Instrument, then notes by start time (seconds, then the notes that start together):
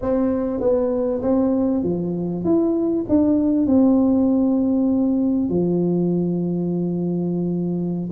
tuba
0.01 C4
0.60 B3
1.22 C4
1.83 F3
2.44 E4
3.08 D4
3.66 C4
5.49 F3